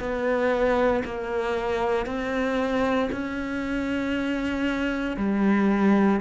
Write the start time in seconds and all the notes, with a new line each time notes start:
0.00 B3
1.05 A#3
2.06 C4
3.12 C#4
5.17 G3